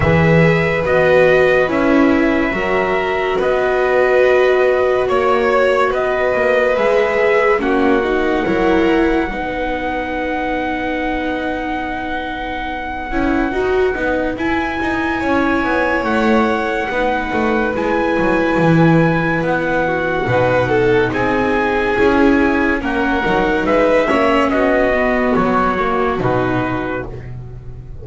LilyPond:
<<
  \new Staff \with { instrumentName = "trumpet" } { \time 4/4 \tempo 4 = 71 e''4 dis''4 e''2 | dis''2 cis''4 dis''4 | e''4 fis''2.~ | fis''1~ |
fis''4 gis''2 fis''4~ | fis''4 gis''2 fis''4~ | fis''4 gis''2 fis''4 | e''4 dis''4 cis''4 b'4 | }
  \new Staff \with { instrumentName = "violin" } { \time 4/4 b'2. ais'4 | b'2 cis''4 b'4~ | b'4 fis'4 ais'4 b'4~ | b'1~ |
b'2 cis''2 | b'2.~ b'8 fis'8 | b'8 a'8 gis'2 ais'4 | b'8 cis''8 fis'2. | }
  \new Staff \with { instrumentName = "viola" } { \time 4/4 gis'4 fis'4 e'4 fis'4~ | fis'1 | gis'4 cis'8 dis'8 e'4 dis'4~ | dis'2.~ dis'8 e'8 |
fis'8 dis'8 e'2. | dis'4 e'2. | dis'2 e'4 cis'8 dis'8~ | dis'8 cis'4 b4 ais8 dis'4 | }
  \new Staff \with { instrumentName = "double bass" } { \time 4/4 e4 b4 cis'4 fis4 | b2 ais4 b8 ais8 | gis4 ais4 fis4 b4~ | b2.~ b8 cis'8 |
dis'8 b8 e'8 dis'8 cis'8 b8 a4 | b8 a8 gis8 fis8 e4 b4 | b,4 c'4 cis'4 ais8 fis8 | gis8 ais8 b4 fis4 b,4 | }
>>